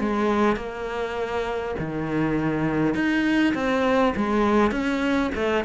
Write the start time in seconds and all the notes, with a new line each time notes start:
0.00 G#3
0.57 A#3
1.79 D#3
2.95 D#4
3.55 C4
4.16 G#3
4.72 C#4
5.35 A3